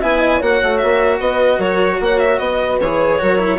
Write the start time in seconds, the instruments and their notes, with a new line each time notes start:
0.00 bassoon B3, cello E4, horn E5, violin G#5
0.19 horn D#5
0.38 bassoon A#3, cello F#4, horn C#5, violin F#5
0.62 bassoon A3
0.77 bassoon A#3, violin E5
1.19 bassoon B3, horn B4, violin D#5
1.57 bassoon F#3, horn A#4, violin C#5
2.00 bassoon A#3, horn C#5, violin F#5
2.18 violin E5
2.39 bassoon B3, horn B4, violin D#5
2.80 bassoon E3, cello G#4, violin C#5
3.18 bassoon F#3, cello F#4, horn A#4
3.38 cello E4